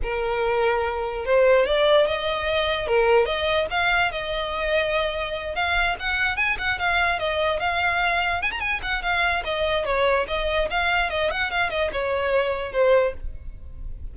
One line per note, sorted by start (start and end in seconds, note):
0.02 1.25 A#4
1.25 1.66 C5
1.66 2.06 D5
2.06 2.87 D#5
2.87 3.25 A#4
3.25 3.66 D#5
3.70 4.11 F5
4.11 5.55 D#5
5.55 5.96 F5
5.99 6.36 F#5
6.36 6.57 G#5
6.58 6.78 F#5
6.78 7.19 F5
7.19 7.59 D#5
7.59 8.42 F5
8.42 8.51 G#5
8.51 8.59 A#5
8.59 8.80 G#5
8.82 9.02 F#5
9.02 9.43 F5
9.44 9.85 D#5
9.85 10.26 C#5
10.27 10.68 D#5
10.70 11.10 F5
11.10 11.30 D#5
11.30 11.51 F#5
11.51 11.70 F5
11.70 11.90 D#5
11.92 12.72 C#5
12.72 13.13 C5